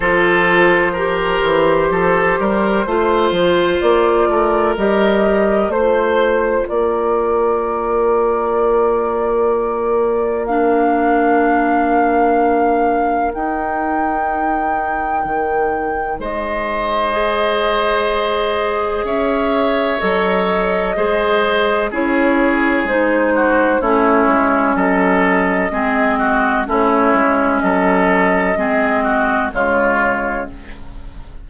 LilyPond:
<<
  \new Staff \with { instrumentName = "flute" } { \time 4/4 \tempo 4 = 63 c''1 | d''4 dis''4 c''4 d''4~ | d''2. f''4~ | f''2 g''2~ |
g''4 dis''2. | e''4 dis''2 cis''4 | c''4 cis''4 dis''2 | cis''4 dis''2 cis''4 | }
  \new Staff \with { instrumentName = "oboe" } { \time 4/4 a'4 ais'4 a'8 ais'8 c''4~ | c''8 ais'4. c''4 ais'4~ | ais'1~ | ais'1~ |
ais'4 c''2. | cis''2 c''4 gis'4~ | gis'8 fis'8 e'4 a'4 gis'8 fis'8 | e'4 a'4 gis'8 fis'8 f'4 | }
  \new Staff \with { instrumentName = "clarinet" } { \time 4/4 f'4 g'2 f'4~ | f'4 g'4 f'2~ | f'2. d'4~ | d'2 dis'2~ |
dis'2 gis'2~ | gis'4 a'4 gis'4 e'4 | dis'4 cis'2 c'4 | cis'2 c'4 gis4 | }
  \new Staff \with { instrumentName = "bassoon" } { \time 4/4 f4. e8 f8 g8 a8 f8 | ais8 a8 g4 a4 ais4~ | ais1~ | ais2 dis'2 |
dis4 gis2. | cis'4 fis4 gis4 cis'4 | gis4 a8 gis8 fis4 gis4 | a8 gis8 fis4 gis4 cis4 | }
>>